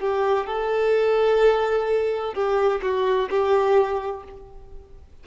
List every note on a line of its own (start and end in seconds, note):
0.00 0.47 G4
0.47 2.34 A4
2.34 2.81 G4
2.83 3.29 F#4
3.30 4.24 G4